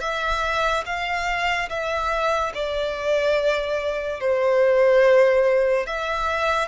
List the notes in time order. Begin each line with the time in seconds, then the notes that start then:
0.00 E5
0.85 F5
1.69 E5
2.54 D5
4.20 C5
5.86 E5